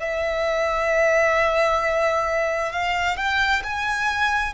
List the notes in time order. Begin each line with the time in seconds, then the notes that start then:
0.00 E5
2.72 F5
3.17 G5
3.64 G#5